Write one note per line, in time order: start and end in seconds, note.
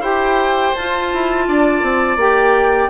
0.00 0.71 E4
0.00 0.75 G4
0.00 1.44 C5
0.00 0.75 G5
0.75 1.12 F4
0.75 2.19 F4
0.75 2.17 A5
1.13 1.48 E4
1.48 1.83 D4
1.48 2.90 D5
1.83 2.17 C4
2.17 2.88 A#3
2.17 2.90 G4
2.17 2.90 G5